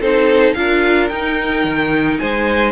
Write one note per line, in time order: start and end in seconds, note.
0.00 0.55 C4
0.00 0.56 D#4
0.00 0.55 A4
0.00 0.54 C5
0.54 1.10 D4
0.54 1.10 F4
0.54 2.20 A#4
0.54 1.08 F5
1.08 1.64 D#4
1.08 2.72 D#4
1.08 2.17 G5
1.64 2.19 D#3
2.19 2.72 G#3
2.19 2.72 C5
2.19 2.72 G#5